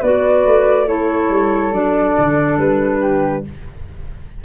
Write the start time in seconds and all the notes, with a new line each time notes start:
0.00 B3 F#4 B4 D5
0.45 A3
0.87 E4 A4 C#5
1.29 G3
1.72 F#3 D4 D5
2.18 D3
2.57 G3 B4
3.00 G4